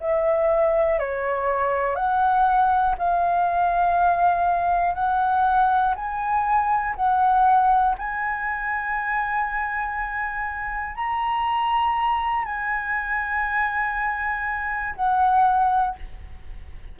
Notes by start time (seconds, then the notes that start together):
0.00 E5
0.99 C#5
1.95 F#5
2.98 F5
4.95 F#5
5.95 G#5
6.96 F#5
7.98 G#5
10.95 A#5
12.45 G#5
14.95 F#5